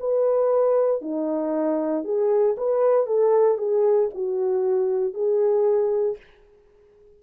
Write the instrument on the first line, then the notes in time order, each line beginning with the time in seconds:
horn
0.00 B4
1.02 D#4
2.05 G#4
2.58 B4
3.07 A4
3.58 G#4
4.15 F#4
5.14 G#4